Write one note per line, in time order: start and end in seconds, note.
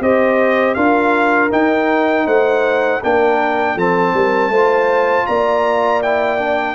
0.00 0.75 C4
0.00 0.76 G4
0.00 0.75 C5
0.00 0.74 D#5
0.74 1.51 D4
0.74 1.51 F4
0.74 2.25 A#4
0.74 1.49 F5
1.51 3.01 D#4
1.51 2.26 D#4
1.51 2.27 G5
2.26 3.01 A3
2.26 3.01 C5
2.26 3.02 F#5
3.03 3.75 A#3
3.03 3.78 D4
3.03 3.75 A#4
3.03 3.78 G5
3.75 4.13 F3
3.75 4.53 C4
3.75 4.12 A4
3.75 5.26 A5
4.13 4.49 G3
4.13 4.51 A#4
4.49 5.24 A3
4.49 6.03 F4
4.49 5.26 C5
5.26 6.75 A#3
5.26 6.75 D5
5.26 6.01 A#5
6.02 6.38 E4
6.02 6.75 G5
6.38 6.75 D4